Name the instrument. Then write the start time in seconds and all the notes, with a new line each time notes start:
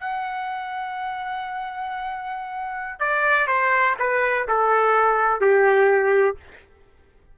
trumpet
0.00 F#5
3.00 D5
3.47 C5
3.99 B4
4.48 A4
5.40 G4